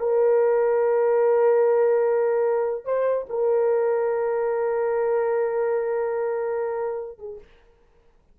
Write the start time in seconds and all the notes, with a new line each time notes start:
0.00 A#4
2.85 C5
3.30 A#4
7.19 G#4